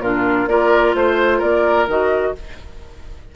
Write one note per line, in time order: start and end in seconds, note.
0.00 0.47 A#2
0.00 0.49 D4
0.00 0.49 F4
0.00 0.48 A#4
0.47 0.94 A#3
0.47 1.88 F4
0.47 0.96 A#4
0.47 0.94 D5
0.95 1.41 A3
0.95 1.41 C5
0.95 1.38 C5
1.38 1.87 A#3
1.38 2.31 A#4
1.38 1.87 D5
1.87 2.34 D#3
1.87 2.35 F#4
1.87 2.36 D#5